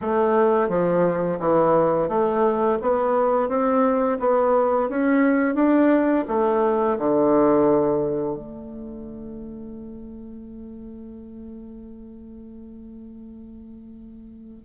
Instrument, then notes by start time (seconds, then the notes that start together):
bassoon
0.01 A3
0.68 F3
1.39 E3
2.08 A3
2.81 B3
3.48 C4
4.19 B3
4.89 C#4
5.55 D4
6.28 A3
6.98 D3
8.36 A3